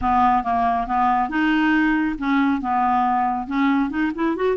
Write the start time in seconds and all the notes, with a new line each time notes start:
0.01 B3
0.43 A#3
0.86 B3
1.29 D#4
2.18 C#4
2.61 B3
3.47 C#4
3.90 D#4
4.14 E4
4.35 F#4